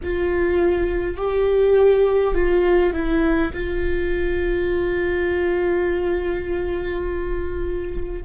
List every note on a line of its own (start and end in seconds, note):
0.03 1.17 F4
1.17 2.34 G4
2.34 2.93 F4
2.93 3.52 E4
3.53 8.24 F4